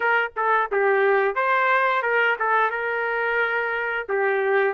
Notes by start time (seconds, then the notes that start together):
0.00 A#4
0.36 A4
0.71 G4
1.35 C5
2.02 A#4
2.39 A4
2.70 A#4
4.08 G4